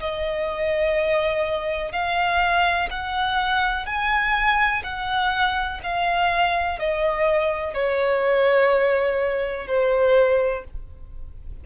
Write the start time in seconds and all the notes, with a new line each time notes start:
0.00 D#5
1.92 F5
2.90 F#5
3.86 G#5
4.83 F#5
5.83 F5
6.79 D#5
7.74 C#5
9.67 C5